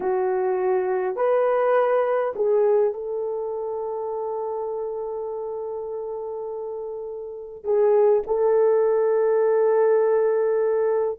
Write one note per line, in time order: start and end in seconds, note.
0.00 1.16 F#4
1.16 2.33 B4
2.35 2.93 G#4
2.93 7.64 A4
7.64 8.22 G#4
8.26 11.19 A4